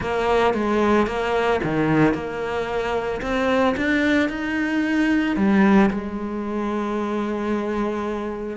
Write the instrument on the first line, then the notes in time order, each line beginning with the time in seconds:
cello
0.00 A#3
0.54 G#3
1.06 A#3
1.63 D#3
2.14 A#3
3.21 C4
3.76 D4
4.29 D#4
5.36 G3
5.90 G#3